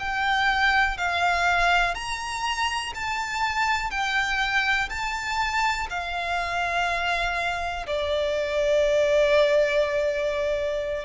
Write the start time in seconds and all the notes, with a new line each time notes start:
0.00 G5
0.98 F5
1.95 A#5
2.95 A5
3.91 G5
4.90 A5
5.90 F5
7.87 D5